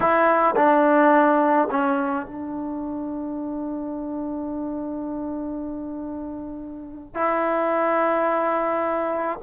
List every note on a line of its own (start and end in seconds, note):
0.00 0.55 E4
0.56 1.68 D4
1.70 2.26 C#4
2.26 7.14 D4
7.14 9.38 E4